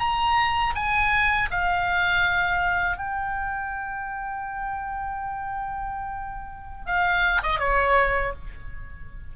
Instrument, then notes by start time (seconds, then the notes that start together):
oboe
0.00 A#5
0.75 G#5
1.51 F5
2.97 G5
6.87 F5
7.43 D#5
7.60 C#5